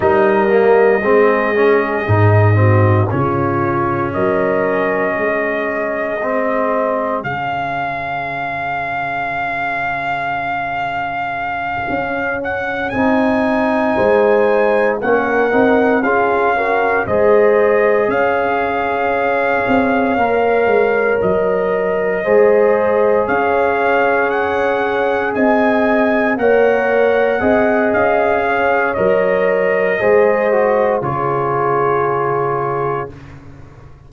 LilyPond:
<<
  \new Staff \with { instrumentName = "trumpet" } { \time 4/4 \tempo 4 = 58 dis''2. cis''4 | dis''2. f''4~ | f''1 | fis''8 gis''2 fis''4 f''8~ |
f''8 dis''4 f''2~ f''8~ | f''8 dis''2 f''4 fis''8~ | fis''8 gis''4 fis''4. f''4 | dis''2 cis''2 | }
  \new Staff \with { instrumentName = "horn" } { \time 4/4 ais'4 gis'4. fis'8 f'4 | ais'4 gis'2.~ | gis'1~ | gis'4. c''4 ais'4 gis'8 |
ais'8 c''4 cis''2~ cis''8~ | cis''4. c''4 cis''4.~ | cis''8 dis''4 cis''4 dis''4 cis''8~ | cis''4 c''4 gis'2 | }
  \new Staff \with { instrumentName = "trombone" } { \time 4/4 dis'8 ais8 c'8 cis'8 dis'8 c'8 cis'4~ | cis'2 c'4 cis'4~ | cis'1~ | cis'8 dis'2 cis'8 dis'8 f'8 |
fis'8 gis'2. ais'8~ | ais'4. gis'2~ gis'8~ | gis'4. ais'4 gis'4. | ais'4 gis'8 fis'8 f'2 | }
  \new Staff \with { instrumentName = "tuba" } { \time 4/4 g4 gis4 gis,4 cis4 | fis4 gis2 cis4~ | cis2.~ cis8 cis'8~ | cis'8 c'4 gis4 ais8 c'8 cis'8~ |
cis'8 gis4 cis'4. c'8 ais8 | gis8 fis4 gis4 cis'4.~ | cis'8 c'4 ais4 c'8 cis'4 | fis4 gis4 cis2 | }
>>